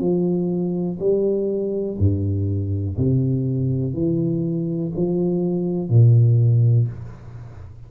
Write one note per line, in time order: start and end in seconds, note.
0.00 0.98 F3
0.99 1.98 G3
1.99 2.97 G2
2.97 3.93 C3
3.93 4.92 E3
4.96 5.89 F3
5.89 6.88 A#2